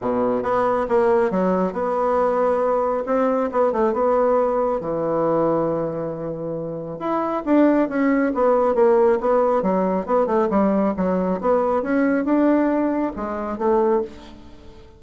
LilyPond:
\new Staff \with { instrumentName = "bassoon" } { \time 4/4 \tempo 4 = 137 b,4 b4 ais4 fis4 | b2. c'4 | b8 a8 b2 e4~ | e1 |
e'4 d'4 cis'4 b4 | ais4 b4 fis4 b8 a8 | g4 fis4 b4 cis'4 | d'2 gis4 a4 | }